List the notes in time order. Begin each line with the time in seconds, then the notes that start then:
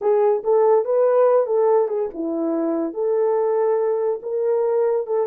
0.01 G#4
0.43 A4
0.85 B4
1.46 A4
1.88 G#4
2.14 E4
2.93 A4
4.22 A#4
5.06 A4